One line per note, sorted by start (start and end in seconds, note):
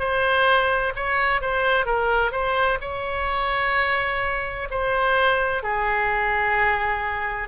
0.00 0.94 C5
0.96 1.42 C#5
1.42 1.86 C5
1.86 2.32 A#4
2.32 2.79 C5
2.82 4.69 C#5
4.71 5.63 C5
5.63 7.49 G#4